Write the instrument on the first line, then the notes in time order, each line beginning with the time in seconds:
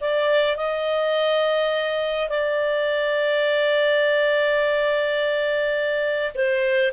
clarinet
0.00 D5
0.56 D#5
2.29 D5
6.34 C5